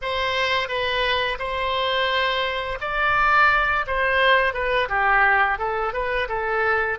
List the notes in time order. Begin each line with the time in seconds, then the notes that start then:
0.01 C5
0.68 B4
1.39 C5
2.81 D5
3.86 C5
4.53 B4
4.88 G4
5.58 A4
5.93 B4
6.28 A4